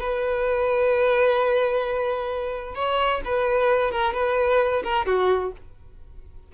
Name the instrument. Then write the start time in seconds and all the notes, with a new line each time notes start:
violin
0.00 B4
2.75 C#5
3.25 B4
3.91 A#4
4.13 B4
4.84 A#4
5.06 F#4